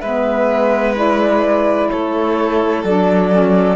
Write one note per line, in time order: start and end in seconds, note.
0.00 1.90 G#3
0.00 0.96 B3
0.00 1.88 B4
0.00 0.94 E5
0.96 2.84 E4
0.96 1.90 D5
1.90 2.83 A3
1.90 3.76 A4
1.90 2.84 C#5
2.83 3.76 F#3
2.83 3.32 D4
2.83 3.76 D5
3.32 3.76 C#4